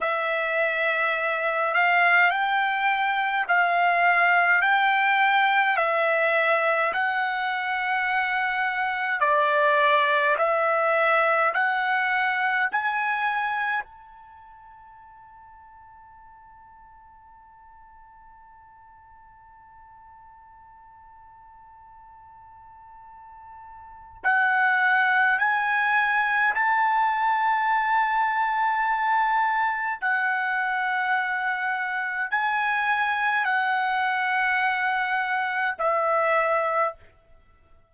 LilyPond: \new Staff \with { instrumentName = "trumpet" } { \time 4/4 \tempo 4 = 52 e''4. f''8 g''4 f''4 | g''4 e''4 fis''2 | d''4 e''4 fis''4 gis''4 | a''1~ |
a''1~ | a''4 fis''4 gis''4 a''4~ | a''2 fis''2 | gis''4 fis''2 e''4 | }